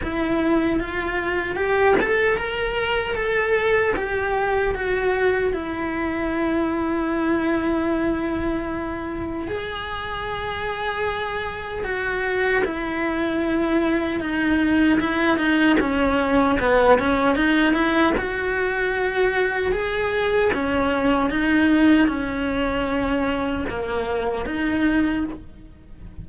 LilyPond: \new Staff \with { instrumentName = "cello" } { \time 4/4 \tempo 4 = 76 e'4 f'4 g'8 a'8 ais'4 | a'4 g'4 fis'4 e'4~ | e'1 | gis'2. fis'4 |
e'2 dis'4 e'8 dis'8 | cis'4 b8 cis'8 dis'8 e'8 fis'4~ | fis'4 gis'4 cis'4 dis'4 | cis'2 ais4 dis'4 | }